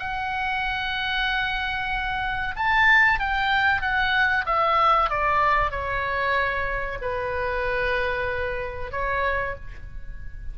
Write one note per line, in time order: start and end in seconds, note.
0.00 2.55 F#5
2.57 3.20 A5
3.20 3.82 G5
3.82 4.45 F#5
4.46 5.10 E5
5.10 5.72 D5
5.72 6.99 C#5
7.02 8.92 B4
8.92 9.55 C#5